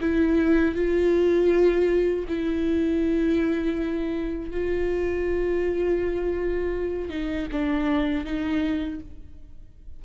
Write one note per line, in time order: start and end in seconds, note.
0.00 0.75 E4
0.75 2.25 F4
2.28 4.50 E4
4.50 7.09 F4
7.09 7.47 D#4
7.51 8.25 D4
8.25 9.00 D#4